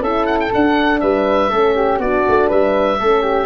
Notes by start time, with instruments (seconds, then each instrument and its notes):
0.00 tuba C#4, horn E4, flute A4, oboe E5
0.26 oboe F#5
0.39 oboe G5
0.53 horn D4, tuba D4, oboe F#5
1.00 tuba G3, flute B4, oboe E5
1.49 tuba A3, horn C#4, flute A4
1.75 flute G4
1.98 tuba B3, horn D4, flute F#4, oboe D5
2.28 tuba A3
2.48 tuba G3, flute B4, oboe E5
2.98 tuba A3, horn C#4, flute A4
3.22 flute G4